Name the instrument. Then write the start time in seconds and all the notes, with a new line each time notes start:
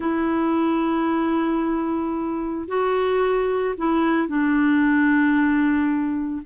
clarinet
0.00 E4
2.67 F#4
3.77 E4
4.27 D4